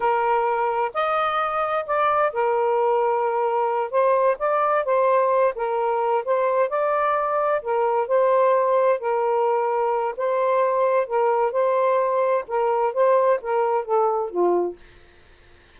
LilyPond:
\new Staff \with { instrumentName = "saxophone" } { \time 4/4 \tempo 4 = 130 ais'2 dis''2 | d''4 ais'2.~ | ais'8 c''4 d''4 c''4. | ais'4. c''4 d''4.~ |
d''8 ais'4 c''2 ais'8~ | ais'2 c''2 | ais'4 c''2 ais'4 | c''4 ais'4 a'4 f'4 | }